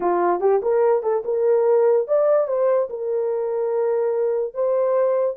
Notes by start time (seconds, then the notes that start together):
0.00 F4
0.40 G4
0.62 A#4
1.02 A4
1.25 A#4
2.07 D5
2.47 C5
2.89 A#4
4.53 C5